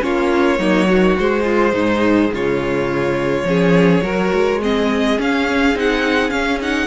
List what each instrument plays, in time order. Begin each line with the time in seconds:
0.00 cello A#3, viola C#4, violin F4 C#5
0.59 cello F#3, viola A#3, violin D#4
0.88 viola D#3, violin F#4
1.19 cello G#3, viola G#3, violin C5
1.43 violin F4
1.73 cello G#2, violin D#4
2.32 cello C#3, violin F4 C#5
3.43 cello F3, viola C#4, violin G#4
4.02 cello F#3, viola F#4, violin A#4
4.33 cello G#3
4.62 viola C4, violin G#4 D#5
5.18 viola C#4, cello C#4, violin F5
5.74 cello C4, viola D#4, violin F#5
6.29 viola C#4, cello C#4, violin F5
6.61 viola D#4, violin F#5